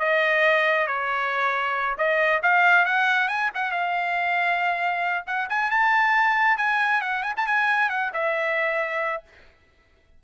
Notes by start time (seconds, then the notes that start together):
0.00 D#5
0.87 C#5
1.98 D#5
2.43 F5
2.86 F#5
3.29 G#5
3.55 F#5
3.72 F5
5.27 F#5
5.50 G#5
5.71 A5
6.58 G#5
7.02 F#5
7.23 G#5
7.37 A5
7.47 G#5
7.90 F#5
8.14 E5